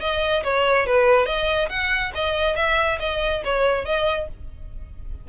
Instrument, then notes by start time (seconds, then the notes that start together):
violin
0.00 D#5
0.43 C#5
0.86 B4
1.25 D#5
1.69 F#5
2.14 D#5
2.56 E5
2.99 D#5
3.44 C#5
3.85 D#5